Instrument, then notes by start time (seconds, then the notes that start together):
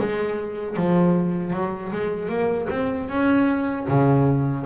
double bass
0.00 G#3
0.77 F3
1.53 F#3
1.93 G#3
2.29 A#3
2.70 C4
3.09 C#4
3.89 C#3